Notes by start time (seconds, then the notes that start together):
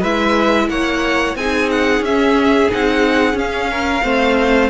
0.00 G#3 E4 B4 E5
0.69 A#3 C#5 F#5
1.36 C4 D#4 G#4 G#5
1.71 F#5
2.01 C#4 E5
2.71 C4 D#4 F#5
3.34 C#4 F5
3.71 A#4
4.04 A3 C4 C5